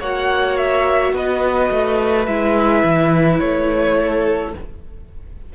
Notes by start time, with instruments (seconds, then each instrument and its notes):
0.00 cello A#3, viola F#4, violin C#5 F#5
0.58 violin E5
1.13 cello B3, violin B4 D#5
1.71 cello A3
2.26 cello G#3, viola E4, violin E5
2.84 cello E3
3.40 cello A3, violin C#5
3.98 violin A4